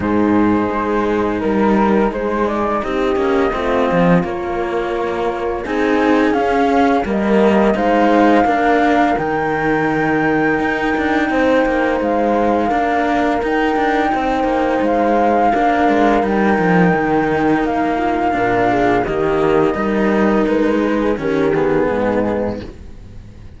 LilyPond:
<<
  \new Staff \with { instrumentName = "flute" } { \time 4/4 \tempo 4 = 85 c''2 ais'4 c''8 d''8 | dis''2 cis''2 | gis''4 f''4 dis''4 f''4~ | f''4 g''2.~ |
g''4 f''2 g''4~ | g''4 f''2 g''4~ | g''4 f''2 dis''4~ | dis''4 b'4 ais'8 gis'4. | }
  \new Staff \with { instrumentName = "horn" } { \time 4/4 gis'2 ais'4 gis'4 | g'4 f'2. | gis'2 ais'4 c''4 | ais'1 |
c''2 ais'2 | c''2 ais'2~ | ais'4. f'8 ais'8 gis'8 g'4 | ais'4. gis'8 g'4 dis'4 | }
  \new Staff \with { instrumentName = "cello" } { \time 4/4 dis'1~ | dis'8 cis'8 c'4 ais2 | dis'4 cis'4 ais4 dis'4 | d'4 dis'2.~ |
dis'2 d'4 dis'4~ | dis'2 d'4 dis'4~ | dis'2 d'4 ais4 | dis'2 cis'8 b4. | }
  \new Staff \with { instrumentName = "cello" } { \time 4/4 gis,4 gis4 g4 gis4 | c'8 ais8 a8 f8 ais2 | c'4 cis'4 g4 gis4 | ais4 dis2 dis'8 d'8 |
c'8 ais8 gis4 ais4 dis'8 d'8 | c'8 ais8 gis4 ais8 gis8 g8 f8 | dis4 ais4 ais,4 dis4 | g4 gis4 dis4 gis,4 | }
>>